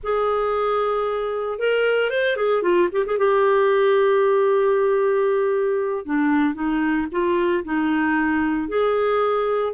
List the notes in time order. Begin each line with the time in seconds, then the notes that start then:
0.03 G#4
1.58 A#4
2.10 C5
2.36 G#4
2.62 F4
2.91 G4
3.06 G#4
3.18 G4
6.05 D4
6.54 D#4
7.11 F4
7.64 D#4
8.68 G#4